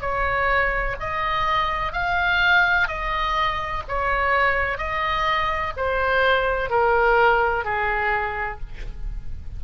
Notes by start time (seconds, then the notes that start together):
0.00 C#5
0.99 D#5
1.92 F5
2.87 D#5
3.87 C#5
4.77 D#5
5.76 C5
6.70 A#4
7.64 G#4